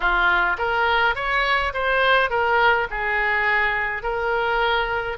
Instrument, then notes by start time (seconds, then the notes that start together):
oboe
0.00 F4
0.58 A#4
1.15 C#5
1.73 C5
2.30 A#4
2.90 G#4
4.02 A#4